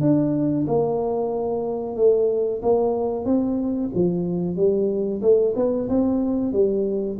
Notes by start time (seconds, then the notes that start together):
0.00 D4
0.67 A#3
1.96 A3
2.62 A#3
3.25 C4
3.94 F3
4.56 G3
5.21 A3
5.55 B3
5.88 C4
6.52 G3